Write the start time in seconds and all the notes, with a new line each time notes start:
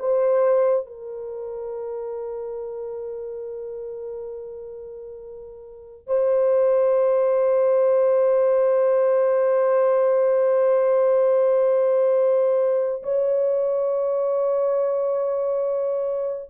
0.00 C5
0.87 A#4
6.08 C5
13.04 C#5